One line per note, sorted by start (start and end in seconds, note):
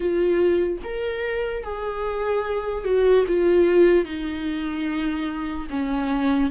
0.00 0.78 F4
0.83 1.63 A#4
1.63 2.84 G#4
2.84 3.24 F#4
3.27 4.05 F4
4.05 5.67 D#4
5.69 6.50 C#4